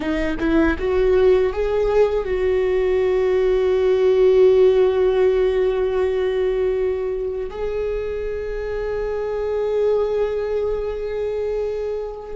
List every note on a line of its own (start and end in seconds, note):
0.00 0.35 D#4
0.39 0.77 E4
0.78 1.52 F#4
1.52 2.24 G#4
2.24 7.49 F#4
7.50 12.35 G#4